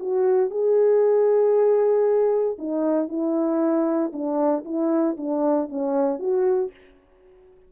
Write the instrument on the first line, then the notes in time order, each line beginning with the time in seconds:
horn
0.00 F#4
0.51 G#4
2.59 D#4
3.09 E4
4.13 D4
4.65 E4
5.18 D4
5.69 C#4
6.20 F#4